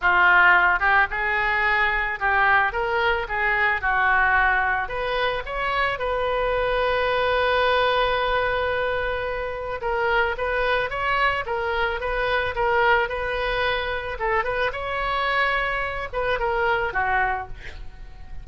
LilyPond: \new Staff \with { instrumentName = "oboe" } { \time 4/4 \tempo 4 = 110 f'4. g'8 gis'2 | g'4 ais'4 gis'4 fis'4~ | fis'4 b'4 cis''4 b'4~ | b'1~ |
b'2 ais'4 b'4 | cis''4 ais'4 b'4 ais'4 | b'2 a'8 b'8 cis''4~ | cis''4. b'8 ais'4 fis'4 | }